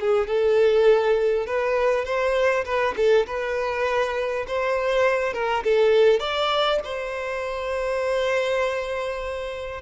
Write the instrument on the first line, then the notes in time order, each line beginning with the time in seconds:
violin
0.00 G#4
0.27 A4
1.46 B4
2.05 C5
2.65 B4
2.96 A4
3.27 B4
4.47 C5
5.34 A#4
5.64 A4
6.20 D5
6.84 C5